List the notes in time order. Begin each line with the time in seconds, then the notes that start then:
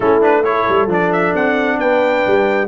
0.00 A3 C#4 E4 A4
0.21 D4 B4
0.43 E4 A4 C#5
0.68 G3
0.87 F3 D4 D5
1.12 E5
1.34 C4 F#5
1.78 B3 B4 G5
2.26 G3